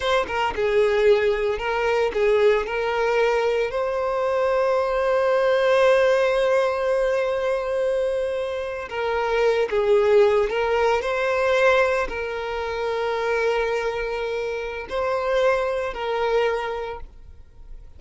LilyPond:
\new Staff \with { instrumentName = "violin" } { \time 4/4 \tempo 4 = 113 c''8 ais'8 gis'2 ais'4 | gis'4 ais'2 c''4~ | c''1~ | c''1~ |
c''8. ais'4. gis'4. ais'16~ | ais'8. c''2 ais'4~ ais'16~ | ais'1 | c''2 ais'2 | }